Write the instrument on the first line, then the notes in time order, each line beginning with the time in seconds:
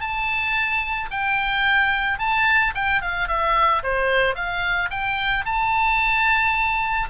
oboe
0.00 A5
1.11 G5
2.19 A5
2.74 G5
3.01 F5
3.28 E5
3.83 C5
4.35 F5
4.90 G5
5.45 A5